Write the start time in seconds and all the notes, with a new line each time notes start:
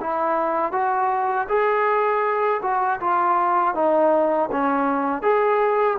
0.00 E4
0.72 F#4
1.48 G#4
2.62 F#4
3.00 F4
3.74 D#4
4.51 C#4
5.22 G#4